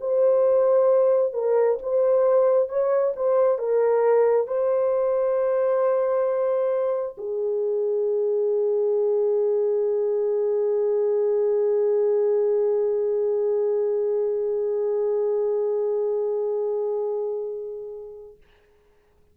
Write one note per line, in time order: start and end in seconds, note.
0.00 1.33 C5
1.33 1.78 A#4
1.82 2.69 C5
2.69 3.13 C#5
3.16 3.58 C5
3.58 4.47 A#4
4.47 7.16 C5
7.17 18.37 G#4